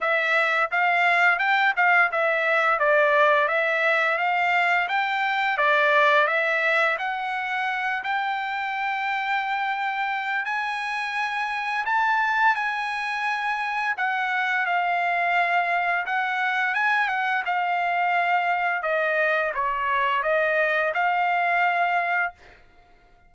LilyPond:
\new Staff \with { instrumentName = "trumpet" } { \time 4/4 \tempo 4 = 86 e''4 f''4 g''8 f''8 e''4 | d''4 e''4 f''4 g''4 | d''4 e''4 fis''4. g''8~ | g''2. gis''4~ |
gis''4 a''4 gis''2 | fis''4 f''2 fis''4 | gis''8 fis''8 f''2 dis''4 | cis''4 dis''4 f''2 | }